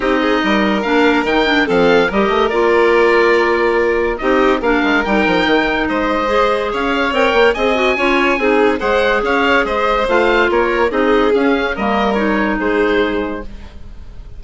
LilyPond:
<<
  \new Staff \with { instrumentName = "oboe" } { \time 4/4 \tempo 4 = 143 dis''2 f''4 g''4 | f''4 dis''4 d''2~ | d''2 dis''4 f''4 | g''2 dis''2 |
f''4 g''4 gis''2~ | gis''4 fis''4 f''4 dis''4 | f''4 cis''4 dis''4 f''4 | dis''4 cis''4 c''2 | }
  \new Staff \with { instrumentName = "violin" } { \time 4/4 g'8 gis'8 ais'2. | a'4 ais'2.~ | ais'2 g'4 ais'4~ | ais'2 c''2 |
cis''2 dis''4 cis''4 | gis'4 c''4 cis''4 c''4~ | c''4 ais'4 gis'2 | ais'2 gis'2 | }
  \new Staff \with { instrumentName = "clarinet" } { \time 4/4 dis'2 d'4 dis'8 d'8 | c'4 g'4 f'2~ | f'2 dis'4 d'4 | dis'2. gis'4~ |
gis'4 ais'4 gis'8 fis'8 f'4 | dis'4 gis'2. | f'2 dis'4 cis'4 | ais4 dis'2. | }
  \new Staff \with { instrumentName = "bassoon" } { \time 4/4 c'4 g4 ais4 dis4 | f4 g8 a8 ais2~ | ais2 c'4 ais8 gis8 | g8 f8 dis4 gis2 |
cis'4 c'8 ais8 c'4 cis'4 | c'4 gis4 cis'4 gis4 | a4 ais4 c'4 cis'4 | g2 gis2 | }
>>